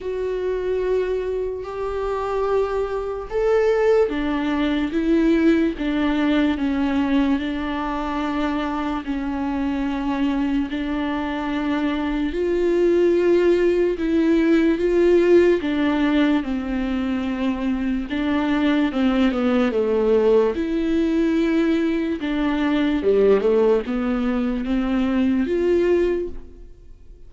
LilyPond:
\new Staff \with { instrumentName = "viola" } { \time 4/4 \tempo 4 = 73 fis'2 g'2 | a'4 d'4 e'4 d'4 | cis'4 d'2 cis'4~ | cis'4 d'2 f'4~ |
f'4 e'4 f'4 d'4 | c'2 d'4 c'8 b8 | a4 e'2 d'4 | g8 a8 b4 c'4 f'4 | }